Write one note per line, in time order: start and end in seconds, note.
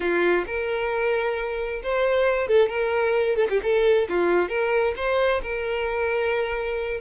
0.00 0.44 F4
0.46 1.82 A#4
1.83 2.47 C5
2.47 2.68 A4
2.68 3.36 A#4
3.36 3.47 A4
3.49 3.60 G4
3.62 4.07 A4
4.08 4.48 F4
4.48 4.94 A#4
4.96 5.41 C5
5.42 7.00 A#4